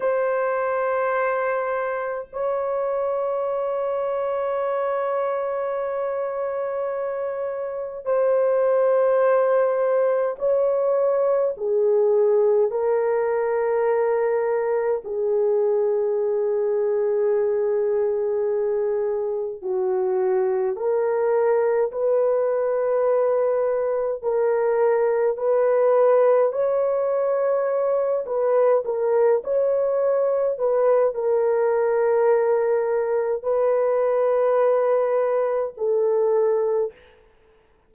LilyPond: \new Staff \with { instrumentName = "horn" } { \time 4/4 \tempo 4 = 52 c''2 cis''2~ | cis''2. c''4~ | c''4 cis''4 gis'4 ais'4~ | ais'4 gis'2.~ |
gis'4 fis'4 ais'4 b'4~ | b'4 ais'4 b'4 cis''4~ | cis''8 b'8 ais'8 cis''4 b'8 ais'4~ | ais'4 b'2 a'4 | }